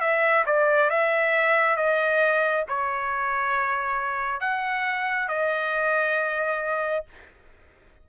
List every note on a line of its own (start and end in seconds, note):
0.00 0.44 E5
0.46 0.90 D5
0.90 1.76 E5
1.76 2.65 D#5
2.68 4.40 C#5
4.40 5.29 F#5
5.29 7.05 D#5